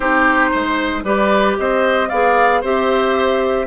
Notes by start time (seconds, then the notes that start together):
0.00 C4 D#4 G4 C5
0.51 G#3 C5
1.03 G3 G4 B4 D5
1.58 C4 C5 D#5
2.08 B3 G#4 D5 F5
2.61 C4 G4 C5 E5